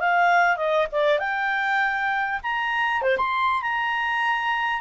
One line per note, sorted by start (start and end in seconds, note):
0.00 0.57 F5
0.57 0.88 D#5
0.92 1.20 D5
1.20 2.41 G5
2.44 3.02 A#5
3.02 3.18 C5
3.18 3.63 C6
3.63 4.82 A#5